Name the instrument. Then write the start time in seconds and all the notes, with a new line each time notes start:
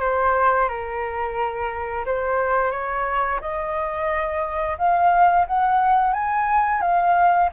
flute
0.00 C5
0.68 A#4
2.05 C5
2.71 C#5
3.40 D#5
4.78 F5
5.46 F#5
6.13 G#5
6.81 F5